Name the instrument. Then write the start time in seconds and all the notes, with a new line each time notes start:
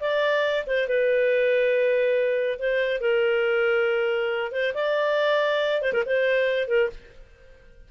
clarinet
0.00 D5
0.67 C5
0.88 B4
2.59 C5
3.00 A#4
4.52 C5
4.74 D5
5.82 C5
5.93 A#4
6.06 C5
6.67 A#4